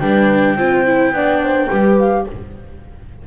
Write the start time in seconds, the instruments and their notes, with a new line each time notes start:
0.00 double bass G3, viola D4, horn B4, flute G5
0.56 double bass C4, viola F4, horn C5
0.86 viola E4
1.12 double bass B3, viola D4, horn D5
1.43 horn C5
1.70 double bass G3, viola G4, horn B4
1.99 flute F5